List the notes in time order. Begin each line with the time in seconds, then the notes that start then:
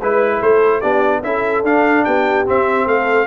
0.00 G#3 E4 B4
0.42 A3 A4 C5
0.81 B3 D4 G4 D5
1.23 C#4 E4 A4 E5
1.64 D4 F5
2.05 B3 G4 G5
2.46 C4 E5
2.87 A3 A4 F5